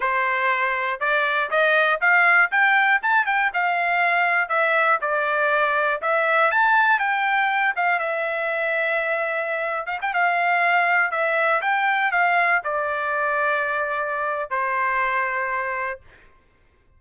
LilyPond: \new Staff \with { instrumentName = "trumpet" } { \time 4/4 \tempo 4 = 120 c''2 d''4 dis''4 | f''4 g''4 a''8 g''8 f''4~ | f''4 e''4 d''2 | e''4 a''4 g''4. f''8 |
e''2.~ e''8. f''16 | g''16 f''2 e''4 g''8.~ | g''16 f''4 d''2~ d''8.~ | d''4 c''2. | }